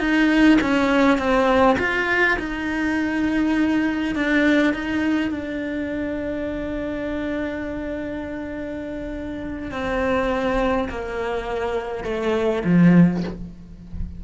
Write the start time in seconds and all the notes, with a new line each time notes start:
0.00 D#4
0.61 C#4
1.18 C4
1.79 F4
2.39 D#4
4.16 D4
4.74 D#4
5.32 D4
9.72 C4
10.90 A#3
12.05 A3
12.65 F3